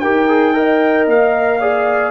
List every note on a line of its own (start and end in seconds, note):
0.00 1.07 D#4
0.00 0.29 G4
0.00 0.55 A#4
0.00 1.05 G5
0.29 0.54 G#4
0.54 1.59 A#4
0.54 1.60 D#5
1.07 2.11 A#3
1.07 2.11 F5
1.60 2.11 G#4
1.60 2.11 D5